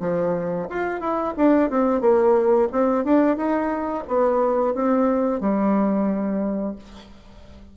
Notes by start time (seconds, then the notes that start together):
0.00 F3
0.70 F4
1.00 E4
1.37 D4
1.70 C4
2.01 A#3
2.72 C4
3.04 D4
3.37 D#4
4.08 B3
4.74 C4
5.41 G3